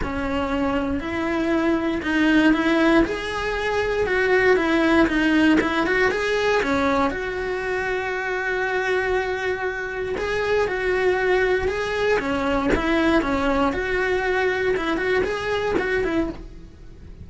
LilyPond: \new Staff \with { instrumentName = "cello" } { \time 4/4 \tempo 4 = 118 cis'2 e'2 | dis'4 e'4 gis'2 | fis'4 e'4 dis'4 e'8 fis'8 | gis'4 cis'4 fis'2~ |
fis'1 | gis'4 fis'2 gis'4 | cis'4 e'4 cis'4 fis'4~ | fis'4 e'8 fis'8 gis'4 fis'8 e'8 | }